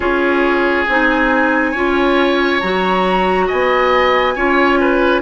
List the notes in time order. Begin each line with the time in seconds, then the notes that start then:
0.00 C#4 F4 G#4 C#5
0.87 C4 D#4 G#5
1.71 C#4 F4 C#5
2.60 F#3 F#4 A#5
3.47 B3 D#5 G#5
4.35 C#4 F4 C#5
4.80 B4